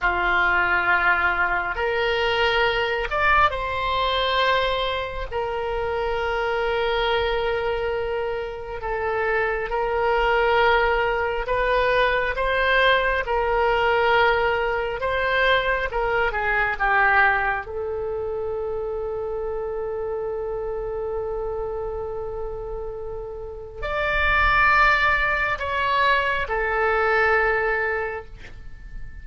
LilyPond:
\new Staff \with { instrumentName = "oboe" } { \time 4/4 \tempo 4 = 68 f'2 ais'4. d''8 | c''2 ais'2~ | ais'2 a'4 ais'4~ | ais'4 b'4 c''4 ais'4~ |
ais'4 c''4 ais'8 gis'8 g'4 | a'1~ | a'2. d''4~ | d''4 cis''4 a'2 | }